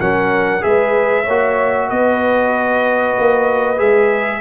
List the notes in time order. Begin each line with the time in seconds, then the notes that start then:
0.00 F#3 C#4 A#4 F#5
0.61 G#3 G#4 B4 E5
1.24 A#3 F#4 C#5
1.88 B3 B4 D#5
3.19 A#3
3.77 G#3 G#4 E5